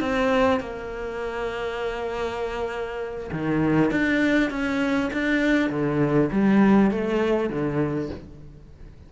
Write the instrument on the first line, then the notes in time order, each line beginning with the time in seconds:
cello
0.00 C4
0.60 A#3
3.32 D#3
3.91 D4
4.50 C#4
5.13 D4
5.70 D3
6.32 G3
6.91 A3
7.50 D3